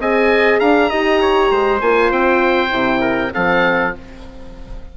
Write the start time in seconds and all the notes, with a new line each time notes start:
0.00 C4 G#4 D#5 G#5
0.60 D4 F5 A#5
0.90 D#4 G4 D#5
1.22 C#5
1.51 G#3 C5
1.81 A#3 F4 G#5
2.11 C4 G5
2.70 C3 E4
3.01 A#4
3.33 F3 C4 A4 F5